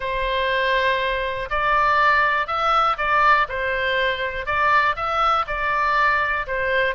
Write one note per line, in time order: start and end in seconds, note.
0.00 1.49 C5
1.50 2.47 D5
2.47 2.96 E5
2.97 3.47 D5
3.48 4.46 C5
4.46 4.95 D5
4.96 5.45 E5
5.47 6.46 D5
6.46 6.95 C5